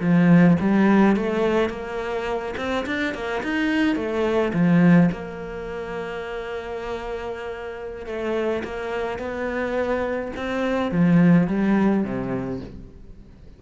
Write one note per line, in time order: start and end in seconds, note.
0.00 0.57 F3
0.60 1.16 G3
1.16 1.69 A3
1.69 2.54 A#3
2.57 2.85 C4
2.86 3.14 D4
3.14 3.42 A#3
3.43 3.95 D#4
3.95 4.52 A3
4.53 5.10 F3
5.11 8.06 A#3
8.06 8.63 A3
8.64 9.19 A#3
9.19 10.32 B3
10.36 10.91 C4
10.91 11.47 F3
11.47 12.04 G3
12.04 12.60 C3